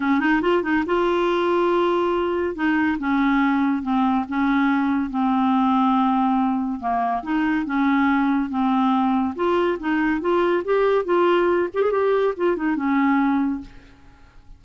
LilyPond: \new Staff \with { instrumentName = "clarinet" } { \time 4/4 \tempo 4 = 141 cis'8 dis'8 f'8 dis'8 f'2~ | f'2 dis'4 cis'4~ | cis'4 c'4 cis'2 | c'1 |
ais4 dis'4 cis'2 | c'2 f'4 dis'4 | f'4 g'4 f'4. g'16 gis'16 | g'4 f'8 dis'8 cis'2 | }